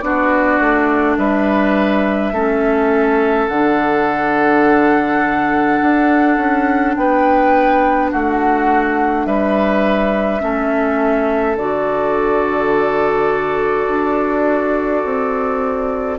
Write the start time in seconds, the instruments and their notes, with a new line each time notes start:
0.00 bassoon B3, clarinet D4, oboe F#4, flute D5
0.60 bassoon A3
1.17 bassoon G3, oboe B4, flute E5
2.31 bassoon A3, clarinet C#4, oboe A4
3.48 bassoon D3, clarinet D4, flute F#5
5.81 bassoon D4
6.37 bassoon C#4
6.94 bassoon B3, oboe B4, flute G5
8.11 bassoon A3, oboe F#4, flute F#5
9.25 bassoon G3, oboe B4, flute E5
10.40 bassoon A3, clarinet C#4, oboe A4
11.56 bassoon D3, clarinet F#4, flute D5
13.88 bassoon D4
15.04 bassoon C4